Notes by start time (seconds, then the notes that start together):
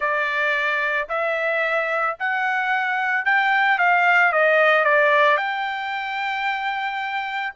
0.00 D5
1.09 E5
2.19 F#5
3.25 G5
3.78 F5
4.32 D#5
4.84 D5
5.37 G5